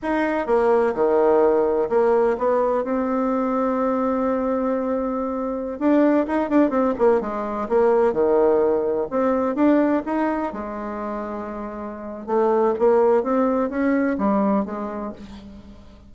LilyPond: \new Staff \with { instrumentName = "bassoon" } { \time 4/4 \tempo 4 = 127 dis'4 ais4 dis2 | ais4 b4 c'2~ | c'1~ | c'16 d'4 dis'8 d'8 c'8 ais8 gis8.~ |
gis16 ais4 dis2 c'8.~ | c'16 d'4 dis'4 gis4.~ gis16~ | gis2 a4 ais4 | c'4 cis'4 g4 gis4 | }